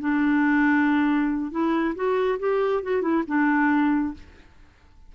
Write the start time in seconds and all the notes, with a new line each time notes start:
0.00 D4
1.51 E4
1.95 F#4
2.39 G4
2.83 F#4
3.02 E4
3.27 D4